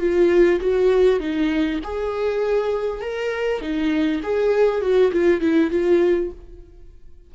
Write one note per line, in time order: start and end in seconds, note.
0.00 0.60 F4
0.60 1.20 F#4
1.20 1.80 D#4
1.84 3.01 G#4
3.01 3.61 A#4
3.61 4.21 D#4
4.23 4.82 G#4
4.82 5.12 F#4
5.12 5.41 F4
5.41 5.71 E4
5.71 6.31 F4